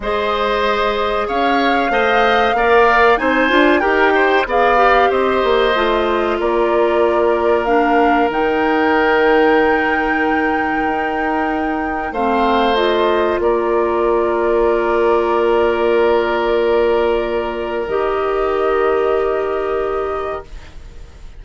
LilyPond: <<
  \new Staff \with { instrumentName = "flute" } { \time 4/4 \tempo 4 = 94 dis''2 f''2~ | f''4 gis''4 g''4 f''4 | dis''2 d''2 | f''4 g''2.~ |
g''2. f''4 | dis''4 d''2.~ | d''1 | dis''1 | }
  \new Staff \with { instrumentName = "oboe" } { \time 4/4 c''2 cis''4 dis''4 | d''4 c''4 ais'8 c''8 d''4 | c''2 ais'2~ | ais'1~ |
ais'2. c''4~ | c''4 ais'2.~ | ais'1~ | ais'1 | }
  \new Staff \with { instrumentName = "clarinet" } { \time 4/4 gis'2. c''4 | ais'4 dis'8 f'8 g'4 gis'8 g'8~ | g'4 f'2. | d'4 dis'2.~ |
dis'2. c'4 | f'1~ | f'1 | g'1 | }
  \new Staff \with { instrumentName = "bassoon" } { \time 4/4 gis2 cis'4 a4 | ais4 c'8 d'8 dis'4 b4 | c'8 ais8 a4 ais2~ | ais4 dis2.~ |
dis4 dis'2 a4~ | a4 ais2.~ | ais1 | dis1 | }
>>